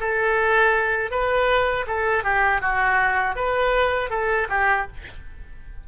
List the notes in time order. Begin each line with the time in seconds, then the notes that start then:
0.00 A4
1.11 B4
1.87 A4
2.24 G4
2.61 F#4
3.36 B4
4.10 A4
4.49 G4